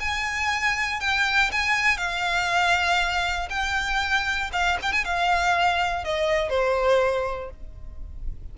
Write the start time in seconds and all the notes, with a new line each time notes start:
0.00 G#5
1.00 G5
1.52 G#5
1.98 F5
3.50 G5
4.53 F5
4.82 G5
4.93 G#5
5.05 F5
6.05 D#5
6.50 C5